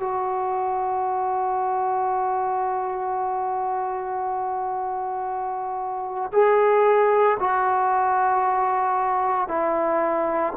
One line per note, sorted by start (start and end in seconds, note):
0.00 6.32 F#4
6.33 7.38 G#4
7.40 9.48 F#4
9.48 10.54 E4